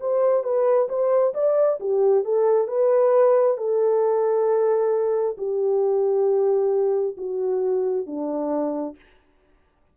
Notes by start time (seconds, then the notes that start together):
0.00 C5
0.44 B4
0.89 C5
1.34 D5
1.80 G4
2.24 A4
2.67 B4
3.57 A4
5.37 G4
7.17 F#4
8.06 D4